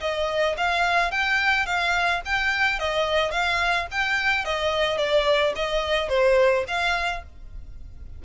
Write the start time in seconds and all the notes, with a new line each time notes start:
0.00 D#5
0.57 F5
1.11 G5
1.66 F5
2.25 G5
2.79 D#5
3.31 F5
3.91 G5
4.44 D#5
4.97 D5
5.55 D#5
6.09 C5
6.67 F5